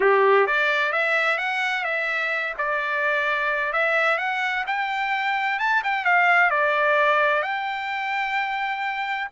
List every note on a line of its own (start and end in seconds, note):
0.00 0.47 G4
0.47 0.92 D5
0.92 1.38 E5
1.38 1.84 F#5
1.84 2.53 E5
2.58 3.72 D5
3.72 4.17 E5
4.17 4.64 F#5
4.66 5.59 G5
5.59 5.82 A5
5.83 6.04 G5
6.04 6.50 F5
6.50 7.42 D5
7.42 9.28 G5